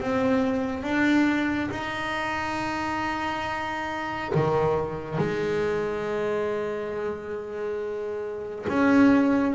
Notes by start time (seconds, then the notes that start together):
0.00 C4
0.83 D4
1.71 D#4
4.34 D#3
5.18 G#3
8.68 C#4